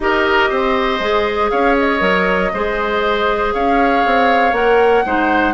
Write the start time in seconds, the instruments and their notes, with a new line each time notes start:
0.00 bassoon D#4, clarinet G4, oboe A#4, flute D#5
0.49 bassoon C4, oboe C5
0.99 bassoon G#3, clarinet G#4
1.50 bassoon C#4, oboe C#5, flute F5
1.78 flute D#5
2.00 bassoon F#3, clarinet A#4
2.53 bassoon G#3, clarinet G#4, oboe C5
3.53 bassoon C#4, oboe C#5, flute F5
4.05 bassoon C4
4.52 bassoon A#3, clarinet A#4, flute F#5
5.05 bassoon G#3, clarinet D#4, oboe C5